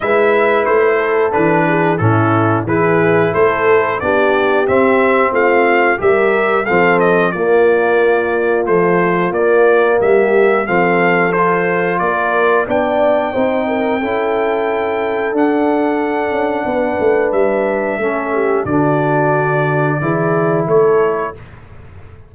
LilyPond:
<<
  \new Staff \with { instrumentName = "trumpet" } { \time 4/4 \tempo 4 = 90 e''4 c''4 b'4 a'4 | b'4 c''4 d''4 e''4 | f''4 e''4 f''8 dis''8 d''4~ | d''4 c''4 d''4 e''4 |
f''4 c''4 d''4 g''4~ | g''2. fis''4~ | fis''2 e''2 | d''2. cis''4 | }
  \new Staff \with { instrumentName = "horn" } { \time 4/4 b'4. a'4 gis'8 e'4 | gis'4 a'4 g'2 | f'4 ais'4 a'4 f'4~ | f'2. g'4 |
a'2 ais'4 d''4 | c''8 ais'8 a'2.~ | a'4 b'2 a'8 g'8 | fis'2 gis'4 a'4 | }
  \new Staff \with { instrumentName = "trombone" } { \time 4/4 e'2 d'4 cis'4 | e'2 d'4 c'4~ | c'4 g'4 c'4 ais4~ | ais4 f4 ais2 |
c'4 f'2 d'4 | dis'4 e'2 d'4~ | d'2. cis'4 | d'2 e'2 | }
  \new Staff \with { instrumentName = "tuba" } { \time 4/4 gis4 a4 e4 a,4 | e4 a4 b4 c'4 | a4 g4 f4 ais4~ | ais4 a4 ais4 g4 |
f2 ais4 b4 | c'4 cis'2 d'4~ | d'8 cis'8 b8 a8 g4 a4 | d2 e4 a4 | }
>>